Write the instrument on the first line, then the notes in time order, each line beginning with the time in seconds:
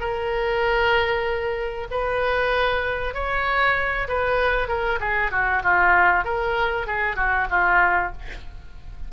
oboe
0.00 A#4
1.91 B4
3.14 C#5
4.08 B4
4.68 A#4
5.00 G#4
5.31 F#4
5.63 F4
6.24 A#4
6.87 G#4
7.16 F#4
7.50 F4